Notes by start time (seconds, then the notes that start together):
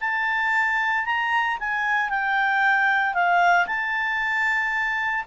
0.00 A5
1.05 A#5
1.59 G#5
2.10 G5
3.14 F5
3.67 A5